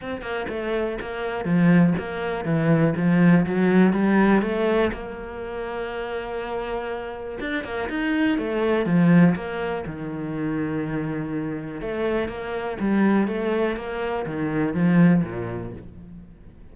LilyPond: \new Staff \with { instrumentName = "cello" } { \time 4/4 \tempo 4 = 122 c'8 ais8 a4 ais4 f4 | ais4 e4 f4 fis4 | g4 a4 ais2~ | ais2. d'8 ais8 |
dis'4 a4 f4 ais4 | dis1 | a4 ais4 g4 a4 | ais4 dis4 f4 ais,4 | }